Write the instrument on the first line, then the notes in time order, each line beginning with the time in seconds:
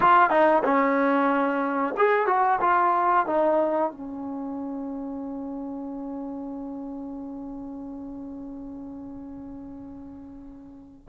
trombone
0.00 F4
0.30 D#4
0.63 C#4
1.97 G#4
2.26 F#4
2.61 F4
3.26 D#4
3.91 C#4